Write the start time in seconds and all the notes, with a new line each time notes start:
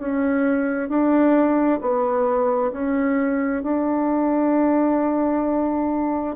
0.00 C#4
0.89 D4
1.81 B3
2.73 C#4
3.64 D4